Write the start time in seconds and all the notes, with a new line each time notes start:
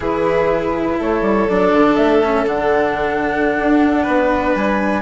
0.00 E3 E4 G#4 B4
0.97 A3 A4 C#5
1.21 G3
1.48 F#3 D4 D5
1.73 D3
1.96 A3 E5
2.23 C#4
2.46 D3 D4 F#5
3.58 D4
4.03 B3 B4
4.55 G3 G#5